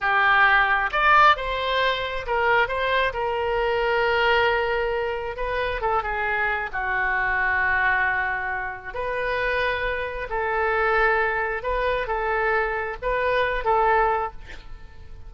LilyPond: \new Staff \with { instrumentName = "oboe" } { \time 4/4 \tempo 4 = 134 g'2 d''4 c''4~ | c''4 ais'4 c''4 ais'4~ | ais'1 | b'4 a'8 gis'4. fis'4~ |
fis'1 | b'2. a'4~ | a'2 b'4 a'4~ | a'4 b'4. a'4. | }